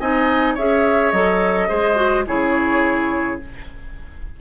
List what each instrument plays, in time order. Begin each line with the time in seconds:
0.00 bassoon C4, clarinet D#4, oboe D#5, flute G#5
0.55 bassoon C#4, clarinet G#4, oboe C#5, flute E5
1.12 bassoon F#3, clarinet A4, flute D#5
1.69 bassoon G#3, clarinet G#4, oboe C5
1.96 clarinet F#4
2.27 bassoon C#3, clarinet E4, oboe G#4, flute C#5